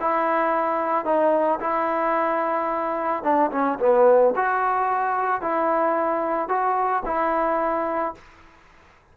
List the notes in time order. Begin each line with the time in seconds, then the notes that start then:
0.00 E4
1.05 D#4
1.60 E4
3.23 D4
3.51 C#4
3.79 B3
4.36 F#4
5.41 E4
6.48 F#4
7.05 E4